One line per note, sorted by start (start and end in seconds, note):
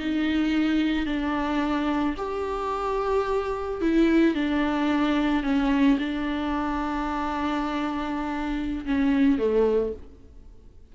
0.00 1.06 D#4
1.06 2.15 D4
2.17 3.81 G4
3.81 4.35 E4
4.35 5.43 D4
5.43 5.98 C#4
5.99 8.85 D4
8.86 9.38 C#4
9.38 9.93 A3